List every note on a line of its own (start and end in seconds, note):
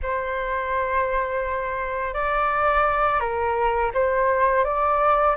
0.02 2.14 C5
2.14 3.19 D5
3.19 3.91 A#4
3.94 4.64 C5
4.64 5.35 D5